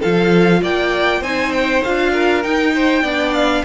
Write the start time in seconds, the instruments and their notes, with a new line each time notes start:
0.00 cello F3, viola F4, violin A4 F5
0.62 cello A#3, violin D5 G5
1.21 cello C4, viola D#4, violin C5 G#5
1.52 violin G5
1.84 cello D4, viola F4, violin F5
2.12 violin A#4
2.43 viola D#4, cello D#4, violin G5
2.75 violin C5
3.02 cello B3, viola D4, violin D5
3.34 violin F5